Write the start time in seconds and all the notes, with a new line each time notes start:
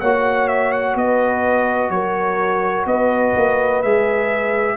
0.00 A#3 F#4 C#5 F#5
0.48 E5
0.72 F#5
0.95 B3 B4 D#5
1.90 F#3 A#4 C#5
2.86 B3 B4 D#5
3.36 A#3
3.82 G#3 G#4 E5